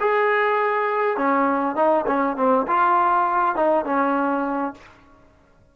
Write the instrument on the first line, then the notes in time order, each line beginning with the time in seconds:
trombone
0.00 G#4
1.17 C#4
1.75 D#4
2.06 C#4
2.36 C4
2.67 F4
3.55 D#4
3.85 C#4